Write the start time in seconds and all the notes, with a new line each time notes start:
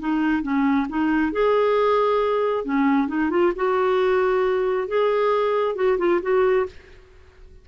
0.00 D#4
0.43 C#4
0.89 D#4
1.33 G#4
2.65 C#4
3.08 D#4
3.31 F4
3.56 F#4
4.88 G#4
5.76 F#4
5.99 F4
6.22 F#4